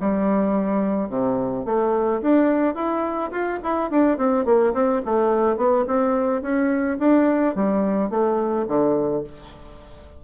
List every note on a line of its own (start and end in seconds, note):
0.00 1.09 G3
1.09 1.65 C3
1.65 2.21 A3
2.21 2.74 D4
2.74 3.30 E4
3.31 3.59 F4
3.63 3.90 E4
3.90 4.17 D4
4.17 4.45 C4
4.45 4.73 A#3
4.73 5.01 C4
5.05 5.56 A3
5.56 5.85 B3
5.87 6.42 C4
6.42 6.98 C#4
6.99 7.55 D4
7.55 8.10 G3
8.10 8.66 A3
8.67 9.23 D3